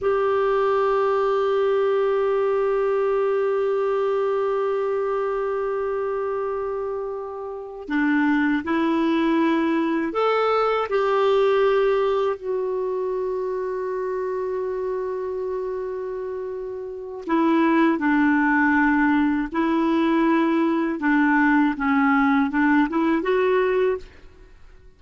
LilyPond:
\new Staff \with { instrumentName = "clarinet" } { \time 4/4 \tempo 4 = 80 g'1~ | g'1~ | g'2~ g'8 d'4 e'8~ | e'4. a'4 g'4.~ |
g'8 fis'2.~ fis'8~ | fis'2. e'4 | d'2 e'2 | d'4 cis'4 d'8 e'8 fis'4 | }